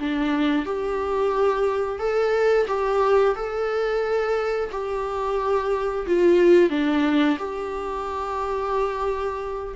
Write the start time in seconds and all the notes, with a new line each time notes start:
0.00 D4
0.66 G4
1.99 A4
2.68 G4
3.36 A4
4.72 G4
6.07 F4
6.70 D4
7.39 G4